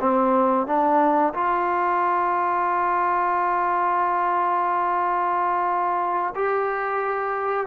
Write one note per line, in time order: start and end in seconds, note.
0.00 0.66 C4
0.66 1.33 D4
1.33 6.33 F4
6.35 7.66 G4